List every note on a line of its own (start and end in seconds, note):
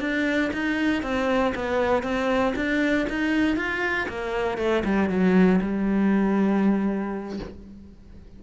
0.00 0.51 D4
0.53 1.03 D#4
1.03 1.53 C4
1.55 2.03 B3
2.03 2.54 C4
2.56 3.06 D4
3.09 3.57 D#4
3.57 4.07 F4
4.08 4.58 A#3
4.58 4.83 A3
4.85 5.09 G3
5.09 5.60 F#3
5.61 7.39 G3